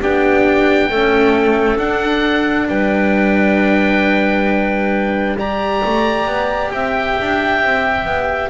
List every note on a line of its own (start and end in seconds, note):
0.00 0.92 B3
0.00 0.89 D4
0.00 0.88 G4
0.00 1.78 G5
0.88 1.77 A3
0.88 1.78 C#4
0.88 2.68 A4
1.77 5.36 D4
1.77 2.68 D4
1.77 2.68 F#5
2.68 5.82 G3
2.68 5.38 B4
2.68 5.37 G5
5.38 8.50 G4
5.38 6.72 D5
5.38 6.71 A#5
5.85 6.26 A3
6.26 6.70 B3
6.71 7.16 C4
6.71 8.50 E5
6.71 8.50 G5
7.21 7.62 D4
7.62 8.04 C4
8.04 8.49 B3